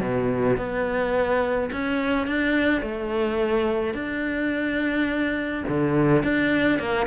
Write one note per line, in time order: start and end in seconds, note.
0.00 0.57 B2
0.57 1.70 B3
1.72 2.26 C#4
2.26 2.81 D4
2.81 3.94 A3
3.94 5.63 D4
5.68 6.23 D3
6.23 6.79 D4
6.79 7.06 A#3